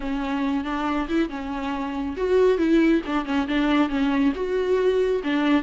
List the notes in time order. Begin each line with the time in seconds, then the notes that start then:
0.00 C#4
0.64 D4
1.08 E4
1.29 C#4
2.16 F#4
2.58 E4
3.06 D4
3.25 C#4
3.47 D4
3.89 C#4
4.35 F#4
5.23 D4